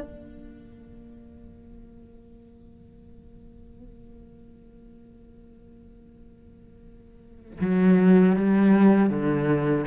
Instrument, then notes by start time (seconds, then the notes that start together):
cello
0.00 A#3
7.61 F#3
8.36 G3
9.10 D3